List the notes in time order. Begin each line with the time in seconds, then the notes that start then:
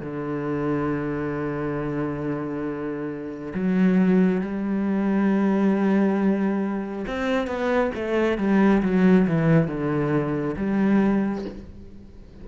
0.00 D3
3.54 F#3
4.41 G3
7.07 C4
7.47 B3
7.95 A3
8.38 G3
8.82 F#3
9.27 E3
9.67 D3
10.56 G3